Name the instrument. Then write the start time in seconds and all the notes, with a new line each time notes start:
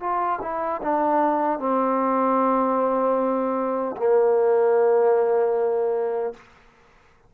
trombone
0.00 F4
0.42 E4
0.83 D4
1.59 C4
3.97 A#3